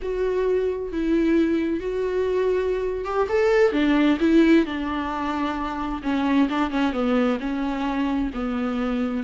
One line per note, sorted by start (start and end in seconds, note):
0.02 0.92 F#4
0.92 1.80 E4
1.80 3.04 F#4
3.04 3.27 G4
3.29 3.72 A4
3.72 4.18 D4
4.20 4.65 E4
4.65 6.01 D4
6.02 6.48 C#4
6.49 6.70 D4
6.70 6.92 C#4
6.92 7.38 B3
7.40 8.31 C#4
8.34 9.23 B3